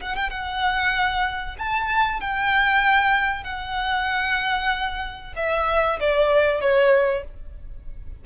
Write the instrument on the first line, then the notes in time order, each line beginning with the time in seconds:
violin
0.00 F#5
0.16 G5
0.30 F#5
1.58 A5
2.20 G5
3.43 F#5
5.36 E5
6.00 D5
6.61 C#5